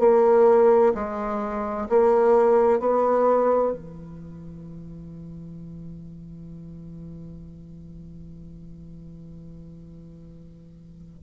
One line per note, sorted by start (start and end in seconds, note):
0.00 0.94 A#3
0.95 1.88 G#3
1.90 2.80 A#3
2.80 3.73 B3
3.73 11.23 E3